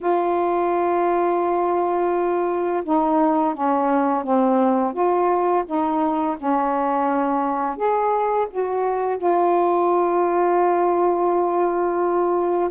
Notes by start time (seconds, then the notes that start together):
0.00 F4
2.84 D#4
3.54 C#4
4.23 C4
4.93 F4
5.66 D#4
6.37 C#4
7.76 G#4
8.50 F#4
9.17 F4